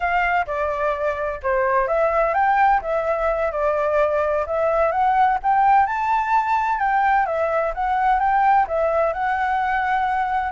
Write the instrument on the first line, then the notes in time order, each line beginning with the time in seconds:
flute
0.00 F5
0.46 D5
1.43 C5
1.87 E5
2.34 G5
2.81 E5
3.51 D5
4.46 E5
4.91 F#5
5.42 G5
5.86 A5
6.79 G5
7.26 E5
7.74 F#5
8.19 G5
8.67 E5
9.13 F#5